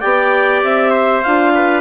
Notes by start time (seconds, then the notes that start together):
0.00 B3 G4 D5 G5
0.63 C4 E5
0.91 C5
1.22 D4 F4 F5
1.55 B4